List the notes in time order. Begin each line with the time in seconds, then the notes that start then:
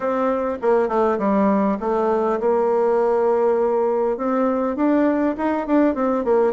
0.00 C4
0.61 A#3
0.88 A3
1.18 G3
1.80 A3
2.40 A#3
4.17 C4
4.76 D4
5.37 D#4
5.67 D4
5.94 C4
6.24 A#3